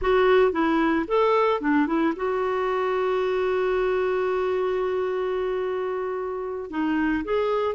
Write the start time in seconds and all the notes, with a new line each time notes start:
0.01 F#4
0.52 E4
1.07 A4
1.60 D4
1.86 E4
2.16 F#4
6.70 D#4
7.24 G#4